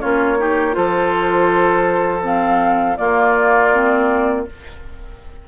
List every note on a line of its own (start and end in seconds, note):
0.00 0.77 A#3
0.00 0.37 C#4
0.00 0.38 F4
0.00 0.74 C#5
0.38 0.72 D#4
0.38 0.76 G4
0.72 2.99 F3
0.72 2.20 F4
0.72 2.98 A4
0.72 2.23 C5
2.22 2.96 C4
2.22 2.97 F5
2.97 3.71 A#3
2.97 4.48 A#3
2.97 4.46 F4
2.97 4.45 D5
3.72 4.46 C4